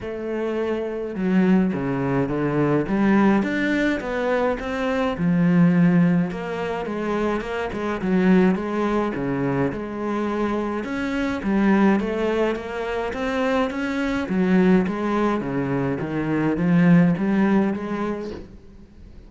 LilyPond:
\new Staff \with { instrumentName = "cello" } { \time 4/4 \tempo 4 = 105 a2 fis4 cis4 | d4 g4 d'4 b4 | c'4 f2 ais4 | gis4 ais8 gis8 fis4 gis4 |
cis4 gis2 cis'4 | g4 a4 ais4 c'4 | cis'4 fis4 gis4 cis4 | dis4 f4 g4 gis4 | }